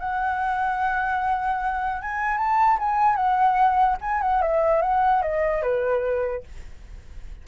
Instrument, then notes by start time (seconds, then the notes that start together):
flute
0.00 F#5
2.02 G#5
2.38 A5
2.79 G#5
3.16 F#5
4.02 G#5
4.22 F#5
4.42 E5
4.82 F#5
5.23 D#5
5.63 B4